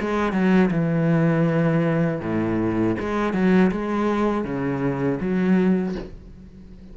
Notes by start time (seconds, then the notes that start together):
0.00 G#3
0.32 F#3
0.71 E3
2.21 A2
3.00 G#3
3.33 F#3
3.71 G#3
4.44 C#3
5.20 F#3